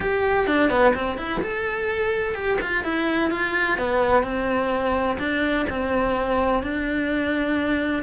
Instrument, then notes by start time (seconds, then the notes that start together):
cello
0.00 G4
0.47 D4
0.70 B3
0.94 C4
1.17 E4
1.41 A4
2.34 G4
2.61 F4
2.84 E4
3.30 F4
3.78 B3
4.23 C4
5.18 D4
5.69 C4
6.62 D4